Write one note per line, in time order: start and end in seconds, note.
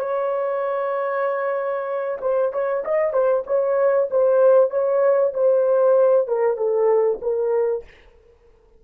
0.00 2.19 C#5
2.22 2.53 C5
2.53 2.84 C#5
2.85 3.13 D#5
3.13 3.45 C5
3.47 4.09 C#5
4.11 4.71 C5
4.71 5.33 C#5
5.34 6.28 C5
6.28 6.57 A#4
6.57 7.20 A4
7.22 7.84 A#4